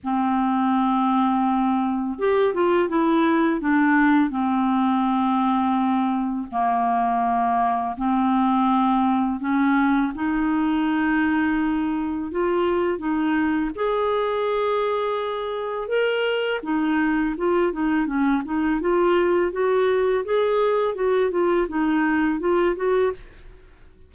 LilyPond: \new Staff \with { instrumentName = "clarinet" } { \time 4/4 \tempo 4 = 83 c'2. g'8 f'8 | e'4 d'4 c'2~ | c'4 ais2 c'4~ | c'4 cis'4 dis'2~ |
dis'4 f'4 dis'4 gis'4~ | gis'2 ais'4 dis'4 | f'8 dis'8 cis'8 dis'8 f'4 fis'4 | gis'4 fis'8 f'8 dis'4 f'8 fis'8 | }